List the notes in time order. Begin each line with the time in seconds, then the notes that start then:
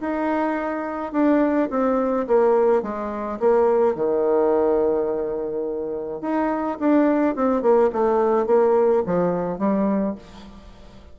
0.00 D#4
1.12 D4
1.70 C4
2.27 A#3
2.82 G#3
3.39 A#3
3.95 D#3
6.21 D#4
6.79 D4
7.35 C4
7.61 A#3
7.92 A3
8.46 A#3
9.06 F3
9.58 G3